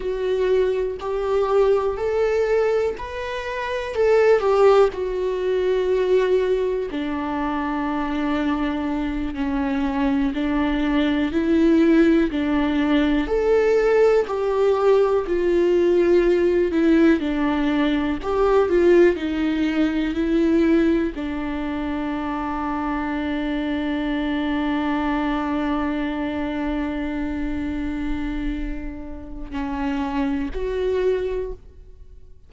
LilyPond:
\new Staff \with { instrumentName = "viola" } { \time 4/4 \tempo 4 = 61 fis'4 g'4 a'4 b'4 | a'8 g'8 fis'2 d'4~ | d'4. cis'4 d'4 e'8~ | e'8 d'4 a'4 g'4 f'8~ |
f'4 e'8 d'4 g'8 f'8 dis'8~ | dis'8 e'4 d'2~ d'8~ | d'1~ | d'2 cis'4 fis'4 | }